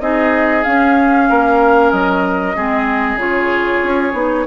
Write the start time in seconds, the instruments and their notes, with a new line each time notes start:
0.00 bassoon C4, clarinet D#4, oboe G#4, flute D#5
0.63 clarinet C#4, bassoon C#4, flute F5
1.29 bassoon A#3, oboe A#4
1.91 bassoon F#3, flute D#5
2.56 bassoon G#3, clarinet C4, oboe G#4
3.16 bassoon C#3, clarinet F4, flute C#5
3.83 bassoon C#4
4.13 bassoon B3, clarinet D#4